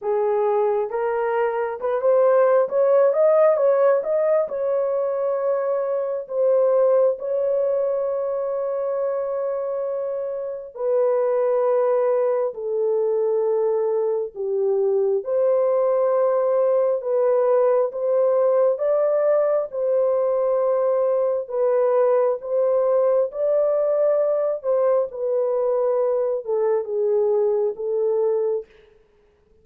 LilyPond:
\new Staff \with { instrumentName = "horn" } { \time 4/4 \tempo 4 = 67 gis'4 ais'4 b'16 c''8. cis''8 dis''8 | cis''8 dis''8 cis''2 c''4 | cis''1 | b'2 a'2 |
g'4 c''2 b'4 | c''4 d''4 c''2 | b'4 c''4 d''4. c''8 | b'4. a'8 gis'4 a'4 | }